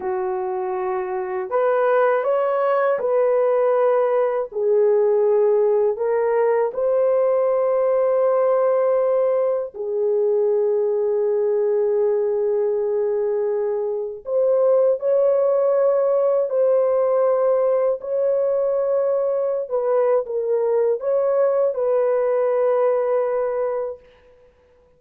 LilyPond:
\new Staff \with { instrumentName = "horn" } { \time 4/4 \tempo 4 = 80 fis'2 b'4 cis''4 | b'2 gis'2 | ais'4 c''2.~ | c''4 gis'2.~ |
gis'2. c''4 | cis''2 c''2 | cis''2~ cis''16 b'8. ais'4 | cis''4 b'2. | }